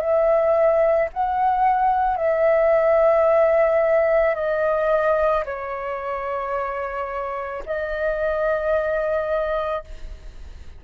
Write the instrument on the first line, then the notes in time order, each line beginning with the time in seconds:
flute
0.00 E5
1.13 F#5
2.17 E5
4.35 D#5
5.45 C#5
7.66 D#5